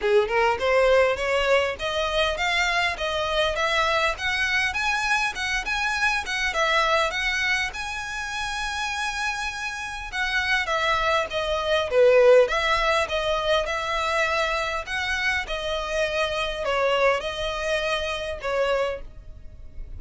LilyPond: \new Staff \with { instrumentName = "violin" } { \time 4/4 \tempo 4 = 101 gis'8 ais'8 c''4 cis''4 dis''4 | f''4 dis''4 e''4 fis''4 | gis''4 fis''8 gis''4 fis''8 e''4 | fis''4 gis''2.~ |
gis''4 fis''4 e''4 dis''4 | b'4 e''4 dis''4 e''4~ | e''4 fis''4 dis''2 | cis''4 dis''2 cis''4 | }